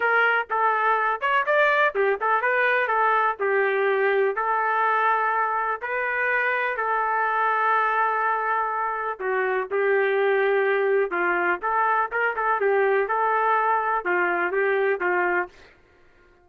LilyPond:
\new Staff \with { instrumentName = "trumpet" } { \time 4/4 \tempo 4 = 124 ais'4 a'4. cis''8 d''4 | g'8 a'8 b'4 a'4 g'4~ | g'4 a'2. | b'2 a'2~ |
a'2. fis'4 | g'2. f'4 | a'4 ais'8 a'8 g'4 a'4~ | a'4 f'4 g'4 f'4 | }